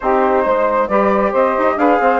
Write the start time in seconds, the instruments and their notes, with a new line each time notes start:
0.00 bassoon C4, trombone D#4, saxophone G4, flute C5
0.44 bassoon G#3, saxophone C5
0.87 bassoon G3, trombone G4, saxophone B4, flute D5
1.31 bassoon C4, saxophone C5, flute D#5
1.58 bassoon D#4
1.77 bassoon D4, trombone G#4, saxophone B4, flute F5
1.99 bassoon C4, saxophone C5